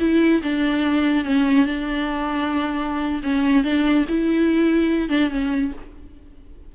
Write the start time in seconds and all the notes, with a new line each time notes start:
0.00 E4
0.42 D4
1.25 C#4
1.66 D4
3.23 C#4
3.64 D4
4.08 E4
5.09 D4
5.30 C#4